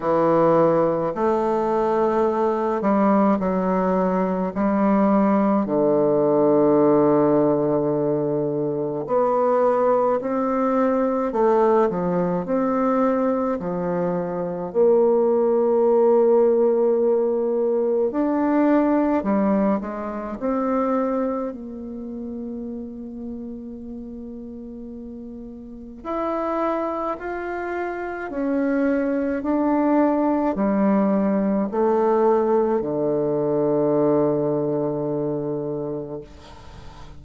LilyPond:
\new Staff \with { instrumentName = "bassoon" } { \time 4/4 \tempo 4 = 53 e4 a4. g8 fis4 | g4 d2. | b4 c'4 a8 f8 c'4 | f4 ais2. |
d'4 g8 gis8 c'4 ais4~ | ais2. e'4 | f'4 cis'4 d'4 g4 | a4 d2. | }